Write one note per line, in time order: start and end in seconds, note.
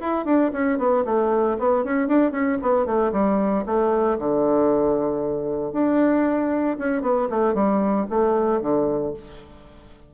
0.00 0.25 E4
0.25 0.51 D4
0.53 0.78 C#4
0.78 1.04 B3
1.05 1.57 A3
1.59 1.84 B3
1.84 2.08 C#4
2.08 2.32 D4
2.32 2.58 C#4
2.62 2.86 B3
2.86 3.12 A3
3.12 3.65 G3
3.66 4.18 A3
4.19 5.73 D3
5.73 6.77 D4
6.78 7.02 C#4
7.02 7.28 B3
7.30 7.54 A3
7.54 8.06 G3
8.10 8.61 A3
8.61 9.13 D3